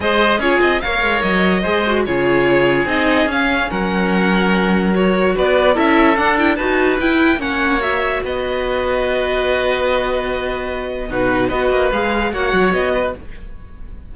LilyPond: <<
  \new Staff \with { instrumentName = "violin" } { \time 4/4 \tempo 4 = 146 dis''4 cis''8 dis''8 f''4 dis''4~ | dis''4 cis''2 dis''4 | f''4 fis''2. | cis''4 d''4 e''4 fis''8 g''8 |
a''4 g''4 fis''4 e''4 | dis''1~ | dis''2. b'4 | dis''4 f''4 fis''4 dis''4 | }
  \new Staff \with { instrumentName = "oboe" } { \time 4/4 c''4 gis'4 cis''2 | c''4 gis'2.~ | gis'4 ais'2.~ | ais'4 b'4 a'2 |
b'2 cis''2 | b'1~ | b'2. fis'4 | b'2 cis''4. b'8 | }
  \new Staff \with { instrumentName = "viola" } { \time 4/4 gis'4 f'4 ais'2 | gis'8 fis'8 f'2 dis'4 | cis'1 | fis'2 e'4 d'8 e'8 |
fis'4 e'4 cis'4 fis'4~ | fis'1~ | fis'2. dis'4 | fis'4 gis'4 fis'2 | }
  \new Staff \with { instrumentName = "cello" } { \time 4/4 gis4 cis'8 c'8 ais8 gis8 fis4 | gis4 cis2 c'4 | cis'4 fis2.~ | fis4 b4 cis'4 d'4 |
dis'4 e'4 ais2 | b1~ | b2. b,4 | b8 ais8 gis4 ais8 fis8 b4 | }
>>